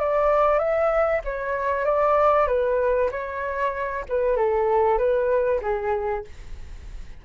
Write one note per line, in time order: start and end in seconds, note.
0.00 0.59 D5
0.59 1.22 E5
1.25 1.86 C#5
1.86 2.48 D5
2.48 3.10 B4
3.11 4.05 C#5
4.09 4.37 B4
4.37 4.98 A4
4.98 5.61 B4
5.62 6.25 G#4